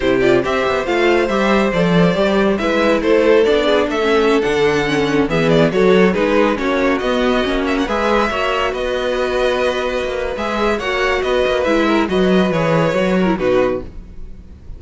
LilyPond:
<<
  \new Staff \with { instrumentName = "violin" } { \time 4/4 \tempo 4 = 139 c''8 d''8 e''4 f''4 e''4 | d''2 e''4 c''4 | d''4 e''4~ e''16 fis''4.~ fis''16~ | fis''16 e''8 d''8 cis''4 b'4 cis''8.~ |
cis''16 dis''4. e''16 fis''16 e''4.~ e''16~ | e''16 dis''2.~ dis''8. | e''4 fis''4 dis''4 e''4 | dis''4 cis''2 b'4 | }
  \new Staff \with { instrumentName = "violin" } { \time 4/4 g'4 c''2.~ | c''2 b'4 a'4~ | a'8 gis'8 a'2.~ | a'16 gis'4 a'4 gis'4 fis'8.~ |
fis'2~ fis'16 b'4 cis''8.~ | cis''16 b'2.~ b'8.~ | b'4 cis''4 b'4. ais'8 | b'2~ b'8 ais'8 fis'4 | }
  \new Staff \with { instrumentName = "viola" } { \time 4/4 e'8 f'8 g'4 f'4 g'4 | a'4 g'4 e'2 | d'4~ d'16 cis'4 d'4 cis'8.~ | cis'16 b4 fis'4 dis'4 cis'8.~ |
cis'16 b4 cis'4 gis'4 fis'8.~ | fis'1 | gis'4 fis'2 e'4 | fis'4 gis'4 fis'8. e'16 dis'4 | }
  \new Staff \with { instrumentName = "cello" } { \time 4/4 c4 c'8 b8 a4 g4 | f4 g4 gis4 a4 | b4 a4~ a16 d4.~ d16~ | d16 e4 fis4 gis4 ais8.~ |
ais16 b4 ais4 gis4 ais8.~ | ais16 b2. ais8. | gis4 ais4 b8 ais8 gis4 | fis4 e4 fis4 b,4 | }
>>